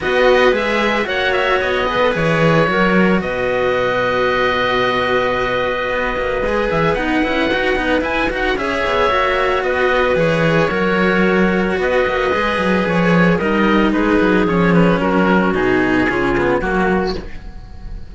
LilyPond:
<<
  \new Staff \with { instrumentName = "oboe" } { \time 4/4 \tempo 4 = 112 dis''4 e''4 fis''8 e''8 dis''4 | cis''2 dis''2~ | dis''1~ | dis''8 e''8 fis''2 gis''8 fis''8 |
e''2 dis''4 cis''4~ | cis''2 dis''2 | cis''4 dis''4 b'4 cis''8 b'8 | ais'4 gis'2 fis'4 | }
  \new Staff \with { instrumentName = "clarinet" } { \time 4/4 b'2 cis''4. b'8~ | b'4 ais'4 b'2~ | b'1~ | b'1 |
cis''2 b'2 | ais'2 b'2~ | b'4 ais'4 gis'2 | fis'2 f'4 fis'4 | }
  \new Staff \with { instrumentName = "cello" } { \time 4/4 fis'4 gis'4 fis'4. gis'16 a'16 | gis'4 fis'2.~ | fis'1 | gis'4 dis'8 e'8 fis'8 dis'8 e'8 fis'8 |
gis'4 fis'2 gis'4 | fis'2. gis'4~ | gis'4 dis'2 cis'4~ | cis'4 dis'4 cis'8 b8 ais4 | }
  \new Staff \with { instrumentName = "cello" } { \time 4/4 b4 gis4 ais4 b4 | e4 fis4 b,2~ | b,2. b8 ais8 | gis8 e8 b8 cis'8 dis'8 b8 e'8 dis'8 |
cis'8 b8 ais4 b4 e4 | fis2 b8 ais8 gis8 fis8 | f4 g4 gis8 fis8 f4 | fis4 b,4 cis4 fis4 | }
>>